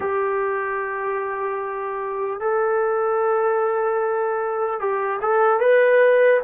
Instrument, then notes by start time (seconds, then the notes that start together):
trombone
0.00 G4
2.40 A4
4.80 G4
5.21 A4
5.60 B4